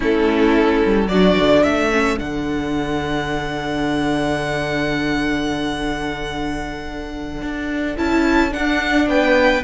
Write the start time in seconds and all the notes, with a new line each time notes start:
0.00 A3 C#4 E4 A4
0.85 G3
1.07 F#3 D4 F#4 D5
1.39 D3
1.63 A3 A4 E5
1.91 C#4
2.18 D3 D4 F#5
7.42 D4
7.96 C#4 E4 A5
8.50 D4 F#5
9.07 B3 B4 G5